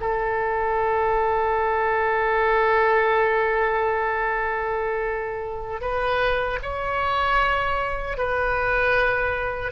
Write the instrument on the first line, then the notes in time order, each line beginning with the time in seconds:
oboe
0.00 A4
5.81 B4
6.62 C#5
8.17 B4